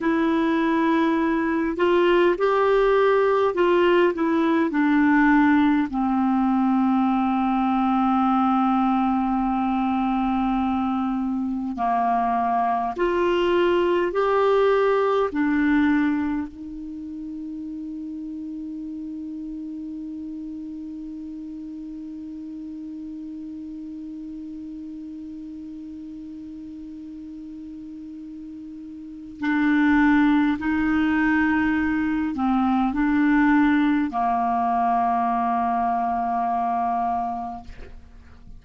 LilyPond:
\new Staff \with { instrumentName = "clarinet" } { \time 4/4 \tempo 4 = 51 e'4. f'8 g'4 f'8 e'8 | d'4 c'2.~ | c'2 ais4 f'4 | g'4 d'4 dis'2~ |
dis'1~ | dis'1~ | dis'4 d'4 dis'4. c'8 | d'4 ais2. | }